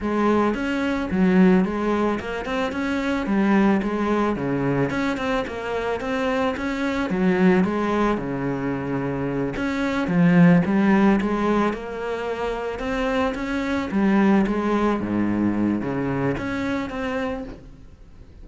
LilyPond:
\new Staff \with { instrumentName = "cello" } { \time 4/4 \tempo 4 = 110 gis4 cis'4 fis4 gis4 | ais8 c'8 cis'4 g4 gis4 | cis4 cis'8 c'8 ais4 c'4 | cis'4 fis4 gis4 cis4~ |
cis4. cis'4 f4 g8~ | g8 gis4 ais2 c'8~ | c'8 cis'4 g4 gis4 gis,8~ | gis,4 cis4 cis'4 c'4 | }